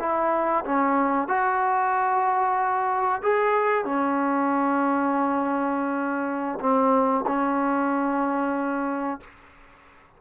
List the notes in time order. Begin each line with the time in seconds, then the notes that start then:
0.00 E4
0.66 C#4
1.28 F#4
3.23 G#4
3.85 C#4
6.61 C4
7.27 C#4